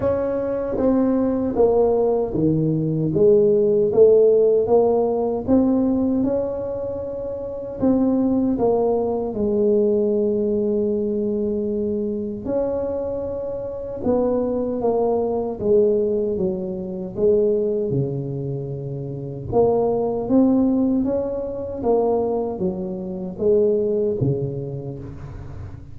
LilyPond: \new Staff \with { instrumentName = "tuba" } { \time 4/4 \tempo 4 = 77 cis'4 c'4 ais4 dis4 | gis4 a4 ais4 c'4 | cis'2 c'4 ais4 | gis1 |
cis'2 b4 ais4 | gis4 fis4 gis4 cis4~ | cis4 ais4 c'4 cis'4 | ais4 fis4 gis4 cis4 | }